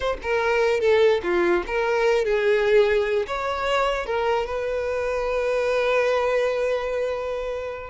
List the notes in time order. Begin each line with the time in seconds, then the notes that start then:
0.00 C5
0.22 A#4
0.80 A4
1.23 F4
1.66 A#4
2.25 G#4
3.26 C#5
4.05 A#4
4.46 B4